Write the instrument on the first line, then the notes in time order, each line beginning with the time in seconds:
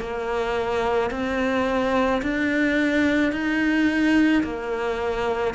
cello
0.00 A#3
1.11 C4
2.22 D4
3.32 D#4
4.43 A#3